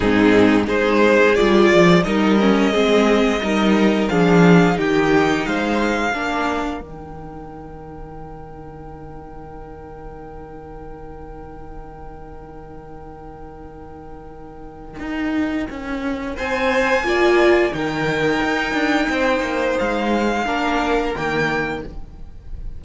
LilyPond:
<<
  \new Staff \with { instrumentName = "violin" } { \time 4/4 \tempo 4 = 88 gis'4 c''4 d''4 dis''4~ | dis''2 f''4 g''4 | f''2 g''2~ | g''1~ |
g''1~ | g''1 | gis''2 g''2~ | g''4 f''2 g''4 | }
  \new Staff \with { instrumentName = "violin" } { \time 4/4 dis'4 gis'2 ais'4 | gis'4 ais'4 gis'4 g'4 | c''4 ais'2.~ | ais'1~ |
ais'1~ | ais'1 | c''4 d''4 ais'2 | c''2 ais'2 | }
  \new Staff \with { instrumentName = "viola" } { \time 4/4 c'4 dis'4 f'4 dis'8 cis'8 | c'4 dis'4 d'4 dis'4~ | dis'4 d'4 dis'2~ | dis'1~ |
dis'1~ | dis'1~ | dis'4 f'4 dis'2~ | dis'2 d'4 ais4 | }
  \new Staff \with { instrumentName = "cello" } { \time 4/4 gis,4 gis4 g8 f8 g4 | gis4 g4 f4 dis4 | gis4 ais4 dis2~ | dis1~ |
dis1~ | dis2 dis'4 cis'4 | c'4 ais4 dis4 dis'8 d'8 | c'8 ais8 gis4 ais4 dis4 | }
>>